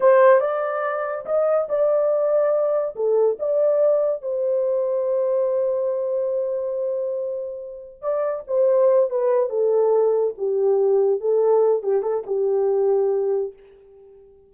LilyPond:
\new Staff \with { instrumentName = "horn" } { \time 4/4 \tempo 4 = 142 c''4 d''2 dis''4 | d''2. a'4 | d''2 c''2~ | c''1~ |
c''2. d''4 | c''4. b'4 a'4.~ | a'8 g'2 a'4. | g'8 a'8 g'2. | }